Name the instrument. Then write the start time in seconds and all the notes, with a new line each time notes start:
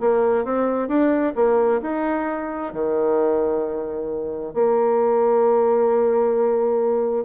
bassoon
0.00 A#3
0.45 C4
0.88 D4
1.36 A#3
1.82 D#4
2.73 D#3
4.54 A#3